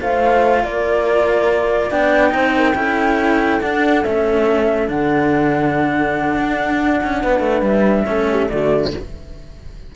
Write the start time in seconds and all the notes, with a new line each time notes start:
0.00 A3 F4 C5 F5
0.64 A#3 A#4 D5
1.90 B3 D4 D5 G5
2.30 C4 D#4 C5
2.57 A#4
2.75 C#4 E4 A4
3.61 D4 F#5
4.03 A3 C#4 E5
4.88 D3 D4 F#5
6.36 D4
7.03 C#4
7.21 B3 B4
7.40 A3
7.61 G3 E5
8.05 A3 C#4 A4
8.30 G4
8.49 D3 A3 F#4 D5